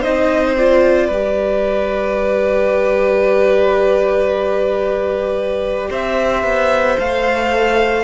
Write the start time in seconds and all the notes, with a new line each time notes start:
0.00 D#4 C5 D#5
0.07 C4
0.56 F4 D5
1.06 G3 G4 B4
5.90 C4 C5 E5
6.43 B3
6.98 A3 A4 F5